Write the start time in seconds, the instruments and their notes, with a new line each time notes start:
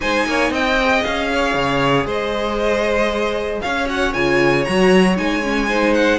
0.01 cello G#3, viola D#4, violin C5 G#5
0.26 cello A#3, violin C#5
0.50 cello C4, violin D#5 G5
0.80 viola G#4
1.03 cello C#4, violin F5
1.32 violin C#5
1.53 cello C#3
2.05 cello G#3, violin C5 D#5
3.61 cello C#4, violin C#5 F5
3.85 viola F#4, violin F#5
4.13 cello C#3, viola F4, violin G#5
4.64 cello F#3, viola F#4, violin A#5
5.16 cello G#3, viola D#4, violin G#5
5.43 viola C#4
5.68 viola D#4, violin C5
5.94 violin F#5